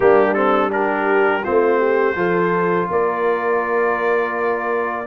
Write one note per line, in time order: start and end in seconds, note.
0.00 1.44 G3
0.00 0.35 A#3
0.00 0.72 D4
0.00 0.34 G4
0.34 0.69 C4
0.34 0.70 A4
0.69 1.41 D4
0.69 1.43 G4
0.69 1.44 A#4
1.43 2.15 A3
1.43 2.16 C4
1.43 1.78 F4
1.43 2.89 C5
1.78 2.14 G4
2.15 2.88 F3
2.15 5.05 F4
2.15 2.89 A4
2.90 5.06 A#3
2.90 5.06 A#4
2.90 5.06 D5